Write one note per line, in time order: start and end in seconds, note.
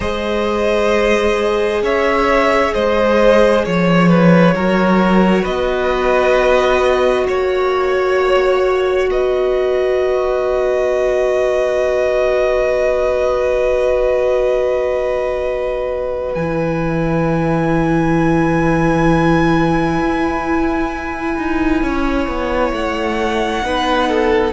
0.00 1.82 G#3
0.00 4.55 G#4
0.00 1.82 C5
0.00 1.82 D#5
1.82 2.73 C#4
1.82 2.73 C#5
1.82 2.73 E5
2.73 3.66 G#3
2.73 3.64 C5
2.73 3.64 D#5
3.64 4.53 F3
3.64 4.08 C#5
3.64 5.45 C#5
4.08 4.53 B4
4.53 5.44 F#3
4.53 16.38 F#4
4.53 5.42 A#4
5.42 7.27 B3
5.42 7.23 B4
5.42 7.26 D#5
7.27 9.09 A#3
7.27 9.09 C#5
7.27 9.10 C#5
9.09 16.35 B3
9.09 21.83 B4
9.09 16.34 D#5
16.34 19.99 E3
16.34 22.70 G#5
16.40 23.61 E4
19.99 21.35 E4
21.37 21.82 D#4
21.82 22.27 C#4
21.82 23.64 C#5
22.27 22.72 B3
22.72 23.63 A3
22.72 24.53 F#5
23.61 24.53 B3
23.61 24.52 D#4
23.61 24.08 B4
24.08 24.53 A4